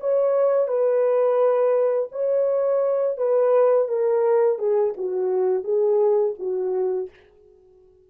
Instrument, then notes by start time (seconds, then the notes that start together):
horn
0.00 C#5
0.68 B4
2.12 C#5
3.18 B4
3.88 A#4
4.59 G#4
4.97 F#4
5.64 G#4
6.39 F#4